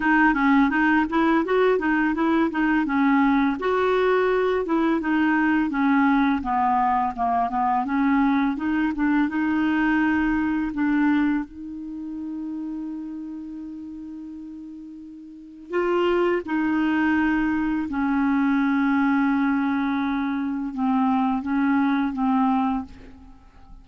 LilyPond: \new Staff \with { instrumentName = "clarinet" } { \time 4/4 \tempo 4 = 84 dis'8 cis'8 dis'8 e'8 fis'8 dis'8 e'8 dis'8 | cis'4 fis'4. e'8 dis'4 | cis'4 b4 ais8 b8 cis'4 | dis'8 d'8 dis'2 d'4 |
dis'1~ | dis'2 f'4 dis'4~ | dis'4 cis'2.~ | cis'4 c'4 cis'4 c'4 | }